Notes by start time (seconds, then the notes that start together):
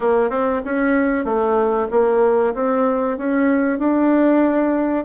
0.00 A#3
0.30 C4
0.64 C#4
1.24 A3
1.90 A#3
2.54 C4
3.17 C#4
3.78 D4